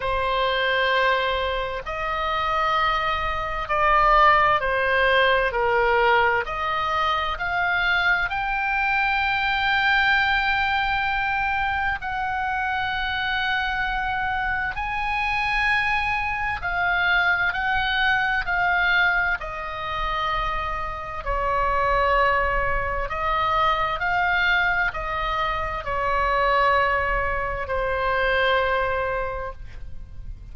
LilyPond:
\new Staff \with { instrumentName = "oboe" } { \time 4/4 \tempo 4 = 65 c''2 dis''2 | d''4 c''4 ais'4 dis''4 | f''4 g''2.~ | g''4 fis''2. |
gis''2 f''4 fis''4 | f''4 dis''2 cis''4~ | cis''4 dis''4 f''4 dis''4 | cis''2 c''2 | }